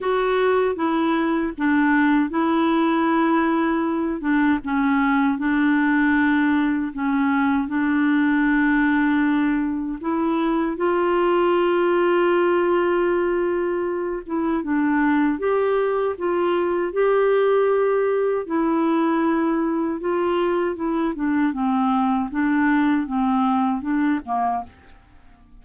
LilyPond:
\new Staff \with { instrumentName = "clarinet" } { \time 4/4 \tempo 4 = 78 fis'4 e'4 d'4 e'4~ | e'4. d'8 cis'4 d'4~ | d'4 cis'4 d'2~ | d'4 e'4 f'2~ |
f'2~ f'8 e'8 d'4 | g'4 f'4 g'2 | e'2 f'4 e'8 d'8 | c'4 d'4 c'4 d'8 ais8 | }